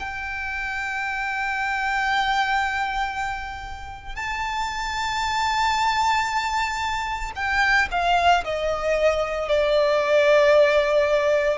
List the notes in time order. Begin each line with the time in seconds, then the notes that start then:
0.00 G5
4.16 A5
7.36 G5
7.92 F5
8.45 D#5
9.49 D5